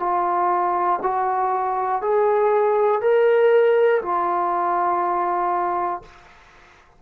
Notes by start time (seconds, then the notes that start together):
0.00 F4
1.03 F#4
2.01 G#4
3.01 A#4
4.02 F4